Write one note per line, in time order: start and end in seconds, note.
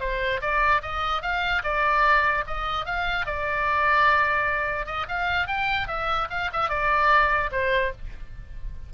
0.00 0.41 C5
0.41 0.82 D5
0.82 1.22 D#5
1.22 1.62 F5
1.63 2.44 D5
2.47 2.86 D#5
2.86 3.26 F5
3.26 4.86 D5
4.86 5.06 D#5
5.08 5.47 F5
5.47 5.88 G5
5.88 6.28 E5
6.30 6.50 F5
6.53 6.69 E5
6.69 7.50 D5
7.51 7.92 C5